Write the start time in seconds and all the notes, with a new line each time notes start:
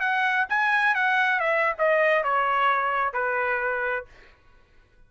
0.00 F#5
0.49 G#5
0.95 F#5
1.40 E5
1.79 D#5
2.24 C#5
3.13 B4